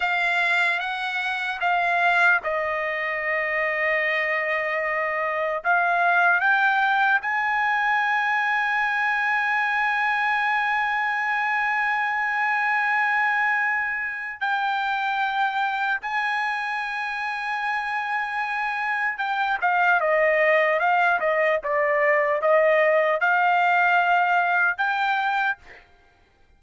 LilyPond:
\new Staff \with { instrumentName = "trumpet" } { \time 4/4 \tempo 4 = 75 f''4 fis''4 f''4 dis''4~ | dis''2. f''4 | g''4 gis''2.~ | gis''1~ |
gis''2 g''2 | gis''1 | g''8 f''8 dis''4 f''8 dis''8 d''4 | dis''4 f''2 g''4 | }